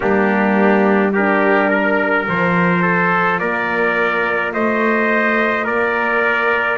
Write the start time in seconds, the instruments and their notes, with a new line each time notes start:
0.00 double bass G3, horn A#3, trumpet D4 G4
1.12 horn D4, trumpet G4 A#4
1.69 trumpet A#4
2.28 double bass F3, horn F4, trumpet C5
2.82 trumpet A4
3.38 double bass A#3, trumpet A#4 D5
4.53 double bass A3, trumpet C5 D#5
5.64 double bass A#3, trumpet A#4 D5